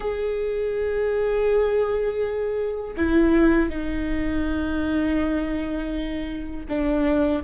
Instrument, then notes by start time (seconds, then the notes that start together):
viola
0.00 G#4
2.96 E4
3.69 D#4
6.68 D4